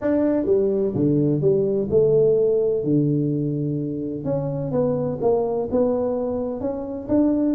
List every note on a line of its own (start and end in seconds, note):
0.01 0.45 D4
0.45 0.92 G3
0.94 1.41 D3
1.41 1.88 G3
1.90 2.83 A3
2.83 4.24 D3
4.24 4.71 C#4
4.71 5.18 B3
5.21 5.68 A#3
5.71 6.60 B3
6.60 7.07 C#4
7.08 7.55 D4